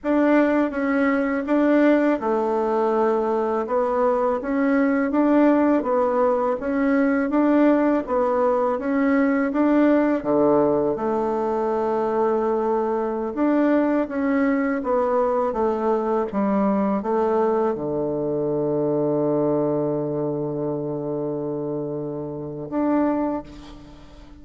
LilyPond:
\new Staff \with { instrumentName = "bassoon" } { \time 4/4 \tempo 4 = 82 d'4 cis'4 d'4 a4~ | a4 b4 cis'4 d'4 | b4 cis'4 d'4 b4 | cis'4 d'4 d4 a4~ |
a2~ a16 d'4 cis'8.~ | cis'16 b4 a4 g4 a8.~ | a16 d2.~ d8.~ | d2. d'4 | }